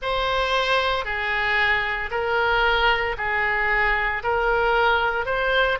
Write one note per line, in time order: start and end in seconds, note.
0.01 1.04 C5
1.04 2.10 G#4
2.11 3.16 A#4
3.17 4.22 G#4
4.23 5.25 A#4
5.25 5.78 C5